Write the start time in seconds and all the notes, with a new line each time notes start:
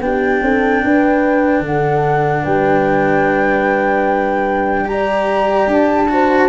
0.00 B3 D4 G4 G5
0.42 C4 A4
0.84 D4 B4
1.60 D3 F#5
1.68 A4
2.43 G3 B4 G5
4.85 G4 A#5
4.91 D5
5.67 D4 A5
6.08 F#4 C5